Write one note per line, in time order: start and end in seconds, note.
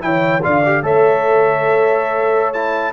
0.00 0.44 E3
0.00 0.41 E4
0.00 0.44 C#5
0.00 0.43 G5
0.42 0.83 D3
0.42 0.63 F4
0.42 0.83 D5
0.42 0.85 F5
0.66 0.83 G4
0.83 2.93 A3
0.83 2.55 A4
0.83 2.93 C#5
0.83 2.53 E5
2.53 2.93 E4
2.53 2.93 A5